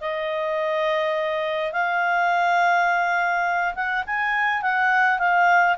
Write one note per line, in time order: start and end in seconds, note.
0.00 1.72 D#5
1.72 3.74 F5
3.75 4.04 F#5
4.06 4.62 G#5
4.62 5.19 F#5
5.19 5.76 F5